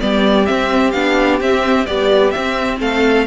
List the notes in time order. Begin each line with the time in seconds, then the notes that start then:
0.00 G3 B3 G4 D5
0.46 C4 E5
0.92 B3 D4 F5
1.41 C4 E5
1.87 G3 B3 D5
2.31 C4 E5
2.80 A3 A4 F5